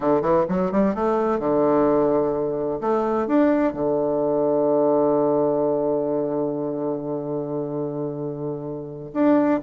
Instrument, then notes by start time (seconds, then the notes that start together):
bassoon
0.00 D3
0.21 E3
0.48 F#3
0.71 G3
0.95 A3
1.39 D3
2.80 A3
3.27 D4
3.73 D3
9.13 D4